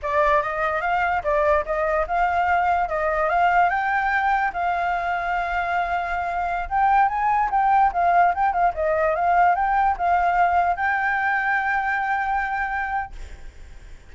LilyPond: \new Staff \with { instrumentName = "flute" } { \time 4/4 \tempo 4 = 146 d''4 dis''4 f''4 d''4 | dis''4 f''2 dis''4 | f''4 g''2 f''4~ | f''1~ |
f''16 g''4 gis''4 g''4 f''8.~ | f''16 g''8 f''8 dis''4 f''4 g''8.~ | g''16 f''2 g''4.~ g''16~ | g''1 | }